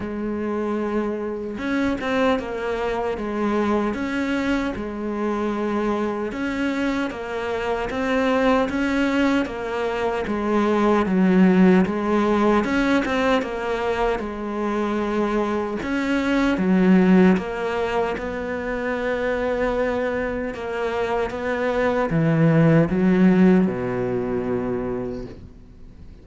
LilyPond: \new Staff \with { instrumentName = "cello" } { \time 4/4 \tempo 4 = 76 gis2 cis'8 c'8 ais4 | gis4 cis'4 gis2 | cis'4 ais4 c'4 cis'4 | ais4 gis4 fis4 gis4 |
cis'8 c'8 ais4 gis2 | cis'4 fis4 ais4 b4~ | b2 ais4 b4 | e4 fis4 b,2 | }